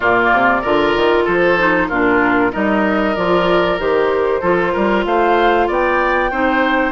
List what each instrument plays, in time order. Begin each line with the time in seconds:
0.00 bassoon A#2, clarinet A#3, oboe F4, flute D5
0.32 bassoon C3
0.61 bassoon D3, clarinet F4, oboe A#4
0.96 bassoon D#3
1.24 bassoon F3, oboe A4, flute C5
1.58 clarinet D#4
1.88 bassoon A#2, clarinet D4, oboe F4, flute A#4
2.52 bassoon G3, clarinet D#4, oboe A#4, flute D#5
3.15 bassoon F3, clarinet F4, flute D5
3.78 bassoon D#3, clarinet G4, flute C5
4.41 bassoon F3, clarinet F4, oboe A4
4.72 bassoon G3, oboe A#4
5.05 bassoon A3, oboe C5, flute F5
5.67 bassoon B3, oboe D5, flute G5
6.30 bassoon C4, clarinet D#4, oboe C5